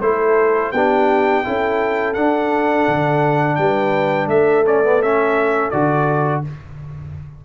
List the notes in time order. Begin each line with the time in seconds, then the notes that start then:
0.00 A3 E4 A4 C5
0.71 B3 D4 G4 G5
1.44 C#4 E4 A4
2.13 D4 F#5
2.88 D3
3.56 G3 B4 G5
4.27 A3 A4 E5
4.66 C#4 D5
4.83 B3
5.02 C#4 E5
5.70 D3 F#4 D5